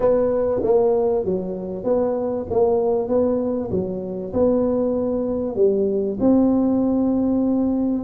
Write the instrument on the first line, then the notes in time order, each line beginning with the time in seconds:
tuba
0.00 B3
0.63 A#3
1.24 F#3
1.84 B3
2.50 A#3
3.08 B3
3.71 F#3
4.33 B3
5.55 G3
6.19 C4